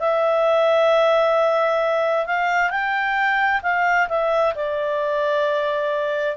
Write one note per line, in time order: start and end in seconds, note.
0.00 2.27 E5
2.27 2.71 F5
2.71 3.62 G5
3.63 4.09 F5
4.09 4.55 E5
4.55 6.37 D5